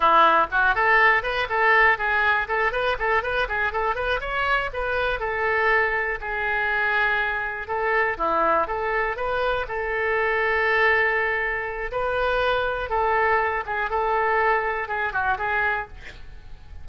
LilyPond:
\new Staff \with { instrumentName = "oboe" } { \time 4/4 \tempo 4 = 121 e'4 fis'8 a'4 b'8 a'4 | gis'4 a'8 b'8 a'8 b'8 gis'8 a'8 | b'8 cis''4 b'4 a'4.~ | a'8 gis'2. a'8~ |
a'8 e'4 a'4 b'4 a'8~ | a'1 | b'2 a'4. gis'8 | a'2 gis'8 fis'8 gis'4 | }